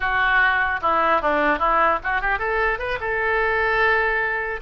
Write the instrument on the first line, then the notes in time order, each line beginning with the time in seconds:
oboe
0.00 F#4
0.81 E4
1.21 D4
1.58 E4
2.03 F#4
2.21 G4
2.38 A4
2.78 B4
3.00 A4